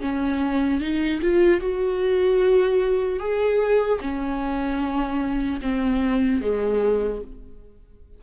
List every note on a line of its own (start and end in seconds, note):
0.00 0.80 C#4
0.80 1.20 D#4
1.21 1.60 F4
1.60 3.19 F#4
3.19 3.99 G#4
4.00 5.60 C#4
5.61 6.41 C4
6.41 7.21 G#3